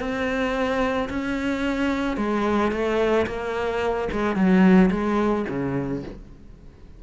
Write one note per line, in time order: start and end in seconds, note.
0.00 1.09 C4
1.10 2.17 C#4
2.17 2.72 G#3
2.72 3.27 A3
3.27 4.09 A#3
4.12 4.36 G#3
4.36 4.91 F#3
4.91 5.46 G#3
5.49 6.03 C#3